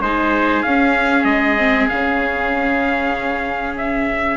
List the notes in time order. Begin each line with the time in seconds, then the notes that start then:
0.00 G#3 D#4 G#4 C5
0.62 C#4 F5
1.24 G#3 D#5
1.57 C4
1.88 C#3 C#4 F5
3.77 E5